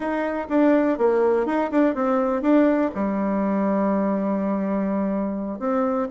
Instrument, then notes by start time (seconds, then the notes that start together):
bassoon
0.00 D#4
0.49 D4
0.98 A#3
1.45 D#4
1.71 D4
1.94 C4
2.42 D4
2.94 G3
5.59 C4